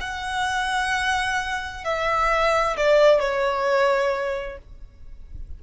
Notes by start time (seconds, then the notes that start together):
0.00 F#5
1.84 E5
2.77 D5
3.19 C#5